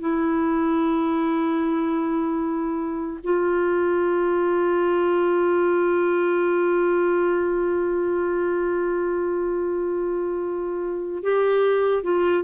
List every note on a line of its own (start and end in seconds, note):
0.00 3.20 E4
3.23 11.23 F4
11.23 12.03 G4
12.03 12.43 F4